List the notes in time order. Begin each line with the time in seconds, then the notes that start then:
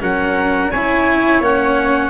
0.00 F#3 C#4 A#4 F#5
0.71 C#4 E4 C#5 G#5
1.40 A#3 C#4 F#5